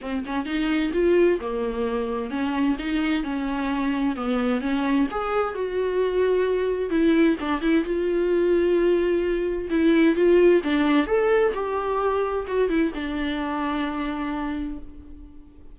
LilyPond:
\new Staff \with { instrumentName = "viola" } { \time 4/4 \tempo 4 = 130 c'8 cis'8 dis'4 f'4 ais4~ | ais4 cis'4 dis'4 cis'4~ | cis'4 b4 cis'4 gis'4 | fis'2. e'4 |
d'8 e'8 f'2.~ | f'4 e'4 f'4 d'4 | a'4 g'2 fis'8 e'8 | d'1 | }